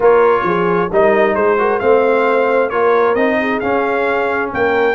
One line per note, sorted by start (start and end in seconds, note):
0.00 0.43 A#3
0.00 0.89 F4
0.00 0.44 A#4
0.00 0.92 C#5
0.43 0.88 F3
0.43 0.91 G#4
0.91 1.35 G3
0.91 1.58 D#4
0.91 1.35 A#4
0.91 1.35 D#5
1.35 1.80 G#3
1.35 1.58 G#4
1.35 1.79 C5
1.58 1.80 F#4
1.58 1.80 A#4
1.79 2.72 A3
1.79 2.70 C4
1.79 2.68 C5
1.79 2.69 F5
2.68 3.15 A#3
2.68 3.16 F4
2.68 3.36 A#4
2.68 3.14 C#5
3.14 3.60 C4
3.14 3.62 D#4
3.14 3.59 D#5
3.40 4.52 G#4
3.59 4.95 C#4
3.59 4.53 C#4
3.59 4.50 F5
4.52 4.95 A#3
4.52 4.95 A#4
4.52 4.95 G5